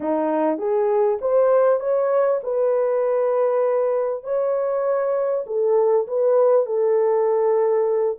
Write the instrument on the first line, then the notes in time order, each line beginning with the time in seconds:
horn
0.00 D#4
0.58 G#4
1.21 C5
1.80 C#5
2.43 B4
4.23 C#5
5.46 A4
6.07 B4
6.66 A4